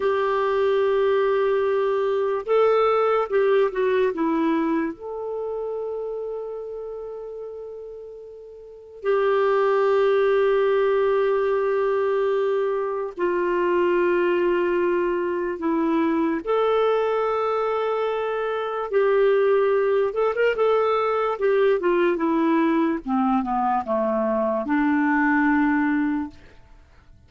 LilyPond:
\new Staff \with { instrumentName = "clarinet" } { \time 4/4 \tempo 4 = 73 g'2. a'4 | g'8 fis'8 e'4 a'2~ | a'2. g'4~ | g'1 |
f'2. e'4 | a'2. g'4~ | g'8 a'16 ais'16 a'4 g'8 f'8 e'4 | c'8 b8 a4 d'2 | }